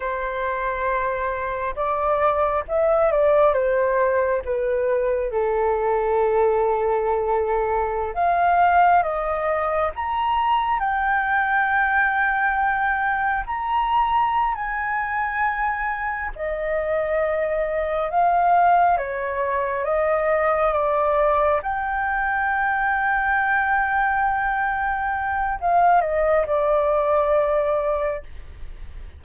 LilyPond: \new Staff \with { instrumentName = "flute" } { \time 4/4 \tempo 4 = 68 c''2 d''4 e''8 d''8 | c''4 b'4 a'2~ | a'4~ a'16 f''4 dis''4 ais''8.~ | ais''16 g''2. ais''8.~ |
ais''8 gis''2 dis''4.~ | dis''8 f''4 cis''4 dis''4 d''8~ | d''8 g''2.~ g''8~ | g''4 f''8 dis''8 d''2 | }